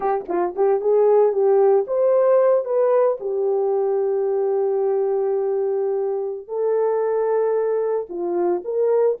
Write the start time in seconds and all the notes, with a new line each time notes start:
0.00 G4
0.28 F4
0.55 G4
0.81 G#4
1.32 G4
1.87 C5
2.64 B4
3.20 G4
6.47 A4
8.09 F4
8.64 A#4